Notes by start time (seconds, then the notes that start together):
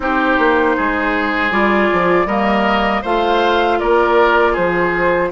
0.00 C4 D#4 G4 C5
0.38 A#3
0.76 G#3 G#4
1.51 G3 F4 D5
1.92 F3
2.25 G3 A#3 A#4 D#5
3.01 A3 F4 C5 F5
3.79 A#3 A#4 D5
4.52 F3 G#4 C5